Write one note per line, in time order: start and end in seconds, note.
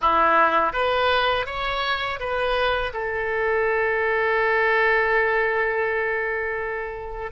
0.01 0.73 E4
0.73 1.46 B4
1.46 2.19 C#5
2.19 2.92 B4
2.93 7.31 A4